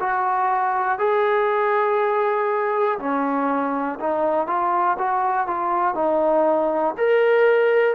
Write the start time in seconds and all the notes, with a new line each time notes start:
0.00 F#4
0.98 G#4
2.99 C#4
4.00 D#4
4.47 F4
4.98 F#4
5.47 F4
5.95 D#4
6.97 A#4